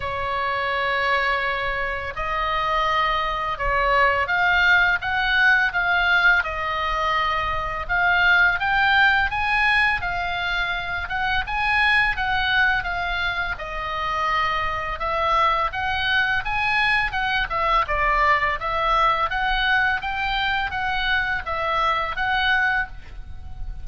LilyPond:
\new Staff \with { instrumentName = "oboe" } { \time 4/4 \tempo 4 = 84 cis''2. dis''4~ | dis''4 cis''4 f''4 fis''4 | f''4 dis''2 f''4 | g''4 gis''4 f''4. fis''8 |
gis''4 fis''4 f''4 dis''4~ | dis''4 e''4 fis''4 gis''4 | fis''8 e''8 d''4 e''4 fis''4 | g''4 fis''4 e''4 fis''4 | }